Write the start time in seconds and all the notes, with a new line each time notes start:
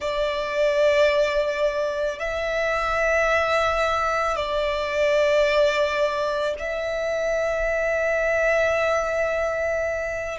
0.00 D5
2.19 E5
4.36 D5
6.59 E5